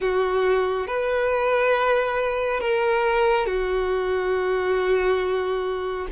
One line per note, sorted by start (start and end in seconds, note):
0.00 0.87 F#4
0.87 2.60 B4
2.60 3.46 A#4
3.46 6.07 F#4